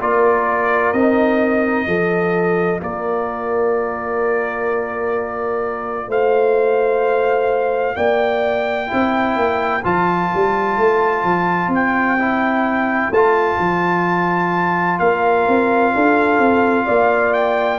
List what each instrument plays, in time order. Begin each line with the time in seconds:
0.00 tuba A#3, trombone F4, horn A#4, trumpet D5
0.92 tuba C4, trombone D#4, trumpet D#5
1.86 tuba F3, trombone F4, horn A4
2.81 tuba A#3, horn A#4, trumpet D5
6.08 tuba A3, horn C5, trumpet F5
7.96 tuba A#3, horn D5, trumpet G5
8.87 trombone E4, horn C5
8.93 tuba C4
9.36 tuba A#3
9.84 tuba F3, trombone F4, trumpet A5
10.34 tuba G3
10.77 tuba A3
11.23 tuba F3
11.68 tuba C4
11.74 trumpet G5
12.19 trombone E4
13.10 tuba A3, trombone F4, trumpet A5
13.59 tuba F3
14.99 tuba A#3, horn A#4, trumpet F5
15.48 tuba C4
15.94 tuba D4, horn A4
16.38 tuba C4
16.85 tuba A#3, horn D5
17.33 trumpet G5